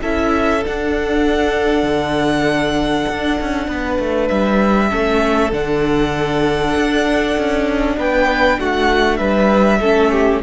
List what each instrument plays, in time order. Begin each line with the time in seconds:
0.00 cello C#4, viola E4, violin A4 E5
0.62 viola D4, cello D4, violin F#5
1.83 cello D3
3.09 cello D4
3.40 cello C#4
3.67 cello B3, violin B4
3.99 cello A3
4.28 cello G3, violin E5
4.88 cello A3, viola C#4, violin A4
5.52 cello D3, viola D4, violin F#5
6.75 cello D4
7.37 cello C#4
7.97 cello B3, violin B4 G5
8.59 cello A3, violin F#4 F#5
9.17 cello G3, violin B4 E5
9.80 cello A3, viola C#4, violin A4
10.11 violin G4